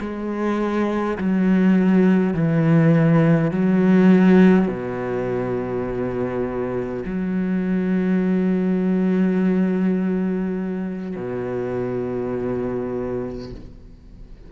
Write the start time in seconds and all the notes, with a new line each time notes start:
0.00 G#3
1.18 F#3
2.33 E3
3.51 F#3
4.68 B2
7.05 F#3
11.16 B2